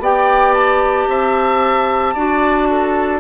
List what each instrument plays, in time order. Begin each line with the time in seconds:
0.00 bassoon B3, clarinet G4, oboe D5, flute G5
0.54 flute A5
1.08 bassoon C4, oboe E5
2.15 bassoon D4, clarinet F#4, oboe D5
2.70 oboe A4